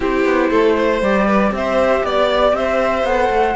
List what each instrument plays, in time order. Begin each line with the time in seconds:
0.00 cello C4, viola E4, violin G4, flute C5
0.25 cello B3
0.50 cello A3, violin A4
0.77 violin C5
1.01 cello G3, viola G4, flute D5
1.26 violin B4
1.51 cello C4, violin C5, flute E5
2.03 cello B3, flute D5, violin D5
2.52 cello C4, violin C5, flute E5
3.03 cello B3, viola A4, flute F#5
3.29 cello A3